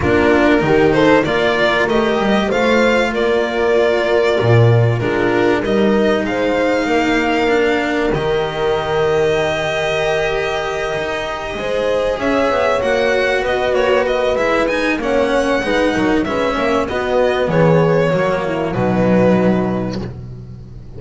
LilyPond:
<<
  \new Staff \with { instrumentName = "violin" } { \time 4/4 \tempo 4 = 96 ais'4. c''8 d''4 dis''4 | f''4 d''2. | ais'4 dis''4 f''2~ | f''4 dis''2.~ |
dis''2.~ dis''8 e''8~ | e''8 fis''4 dis''8 cis''8 dis''8 e''8 gis''8 | fis''2 e''4 dis''4 | cis''2 b'2 | }
  \new Staff \with { instrumentName = "horn" } { \time 4/4 f'4 g'8 a'8 ais'2 | c''4 ais'2. | f'4 ais'4 c''4 ais'4~ | ais'1~ |
ais'2~ ais'8 c''4 cis''8~ | cis''4. b'2~ b'8 | cis''4 b'8 ais'8 b'8 cis''8 fis'4 | gis'4 fis'8 e'8 dis'2 | }
  \new Staff \with { instrumentName = "cello" } { \time 4/4 d'4 dis'4 f'4 g'4 | f'1 | d'4 dis'2. | d'4 g'2.~ |
g'2~ g'8 gis'4.~ | gis'8 fis'2~ fis'8 e'8 dis'8 | cis'4 dis'4 cis'4 b4~ | b4 ais4 fis2 | }
  \new Staff \with { instrumentName = "double bass" } { \time 4/4 ais4 dis4 ais4 a8 g8 | a4 ais2 ais,4 | gis4 g4 gis4 ais4~ | ais4 dis2.~ |
dis4. dis'4 gis4 cis'8 | b8 ais4 b8 ais4 gis4 | ais4 gis8 fis8 gis8 ais8 b4 | e4 fis4 b,2 | }
>>